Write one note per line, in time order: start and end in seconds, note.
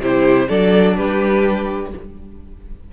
0.00 0.48 C3
0.00 0.48 E4
0.00 0.49 G4
0.00 0.49 C5
0.48 0.98 F#3
0.48 1.91 D4
0.48 0.96 A4
0.48 0.96 D5
0.96 1.93 G3
0.96 1.92 G4
0.96 1.91 B4